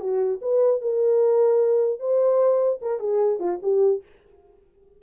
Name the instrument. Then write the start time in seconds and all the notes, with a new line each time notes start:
horn
0.00 F#4
0.42 B4
0.81 A#4
1.99 C5
2.81 A#4
3.00 G#4
3.40 F4
3.62 G4